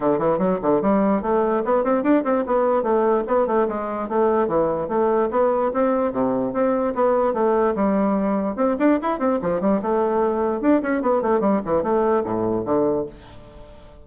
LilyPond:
\new Staff \with { instrumentName = "bassoon" } { \time 4/4 \tempo 4 = 147 d8 e8 fis8 d8 g4 a4 | b8 c'8 d'8 c'8 b4 a4 | b8 a8 gis4 a4 e4 | a4 b4 c'4 c4 |
c'4 b4 a4 g4~ | g4 c'8 d'8 e'8 c'8 f8 g8 | a2 d'8 cis'8 b8 a8 | g8 e8 a4 a,4 d4 | }